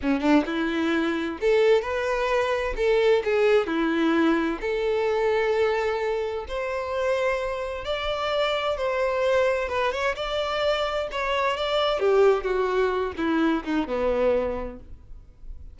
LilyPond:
\new Staff \with { instrumentName = "violin" } { \time 4/4 \tempo 4 = 130 cis'8 d'8 e'2 a'4 | b'2 a'4 gis'4 | e'2 a'2~ | a'2 c''2~ |
c''4 d''2 c''4~ | c''4 b'8 cis''8 d''2 | cis''4 d''4 g'4 fis'4~ | fis'8 e'4 dis'8 b2 | }